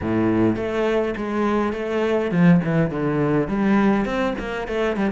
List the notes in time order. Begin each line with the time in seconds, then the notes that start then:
0.01 A2
0.56 A3
1.17 G#3
1.72 A3
2.31 F3
2.64 E3
2.90 D3
3.48 G3
4.05 C4
4.38 A#3
4.67 A3
4.96 G3